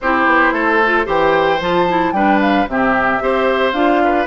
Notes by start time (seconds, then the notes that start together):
0.00 C4 E4 G4 C5
0.26 B3
0.52 A3 A4
0.85 F4
1.04 E3 G4 C5 G5
1.60 F3 F4 A5
1.88 E4
2.12 G3 D4 B4 G5
2.41 F5
2.68 C3 C4 G4 E5
3.20 C4 G4 C5
3.72 D4 F4 F5
4.03 B4